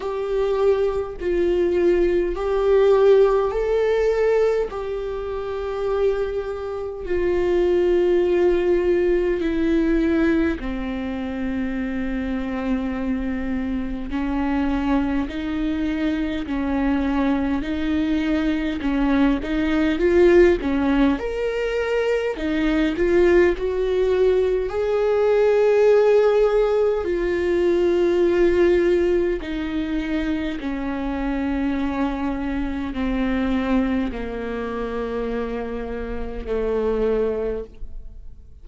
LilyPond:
\new Staff \with { instrumentName = "viola" } { \time 4/4 \tempo 4 = 51 g'4 f'4 g'4 a'4 | g'2 f'2 | e'4 c'2. | cis'4 dis'4 cis'4 dis'4 |
cis'8 dis'8 f'8 cis'8 ais'4 dis'8 f'8 | fis'4 gis'2 f'4~ | f'4 dis'4 cis'2 | c'4 ais2 a4 | }